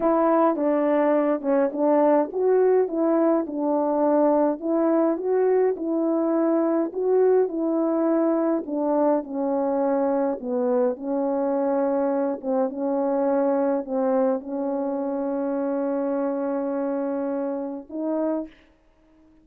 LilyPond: \new Staff \with { instrumentName = "horn" } { \time 4/4 \tempo 4 = 104 e'4 d'4. cis'8 d'4 | fis'4 e'4 d'2 | e'4 fis'4 e'2 | fis'4 e'2 d'4 |
cis'2 b4 cis'4~ | cis'4. c'8 cis'2 | c'4 cis'2.~ | cis'2. dis'4 | }